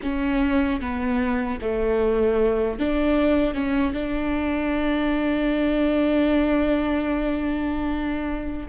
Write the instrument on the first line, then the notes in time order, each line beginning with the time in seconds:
viola
0.02 C#4
0.80 B3
1.61 A3
2.79 D4
3.53 C#4
3.93 D4